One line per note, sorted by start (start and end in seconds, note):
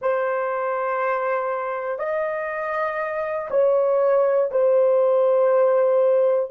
0.01 1.99 C5
1.99 3.49 D#5
3.50 4.50 C#5
4.51 6.50 C5